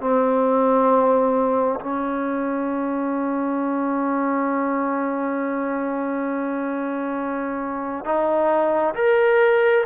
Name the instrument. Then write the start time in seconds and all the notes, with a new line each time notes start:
trombone
0.00 C4
1.80 C#4
8.04 D#4
8.94 A#4